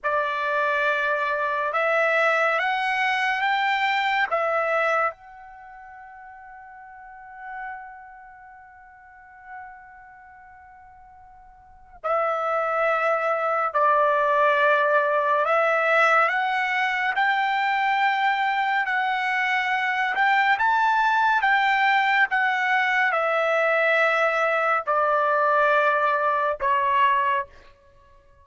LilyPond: \new Staff \with { instrumentName = "trumpet" } { \time 4/4 \tempo 4 = 70 d''2 e''4 fis''4 | g''4 e''4 fis''2~ | fis''1~ | fis''2 e''2 |
d''2 e''4 fis''4 | g''2 fis''4. g''8 | a''4 g''4 fis''4 e''4~ | e''4 d''2 cis''4 | }